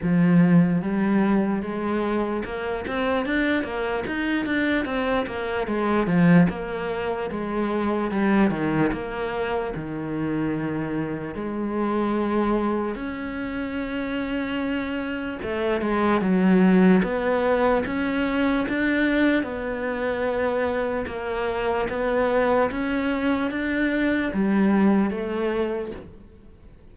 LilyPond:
\new Staff \with { instrumentName = "cello" } { \time 4/4 \tempo 4 = 74 f4 g4 gis4 ais8 c'8 | d'8 ais8 dis'8 d'8 c'8 ais8 gis8 f8 | ais4 gis4 g8 dis8 ais4 | dis2 gis2 |
cis'2. a8 gis8 | fis4 b4 cis'4 d'4 | b2 ais4 b4 | cis'4 d'4 g4 a4 | }